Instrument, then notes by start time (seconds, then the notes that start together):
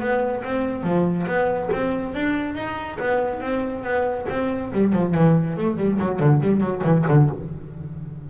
double bass
0.00 B3
0.44 C4
0.83 F3
1.27 B3
1.72 C4
2.14 D4
2.55 D#4
3.00 B3
3.41 C4
3.84 B3
4.29 C4
4.72 G3
4.93 F3
5.15 E3
5.57 A3
5.77 G3
6.00 F#3
6.20 D3
6.41 G3
6.61 F#3
6.84 E3
7.08 D3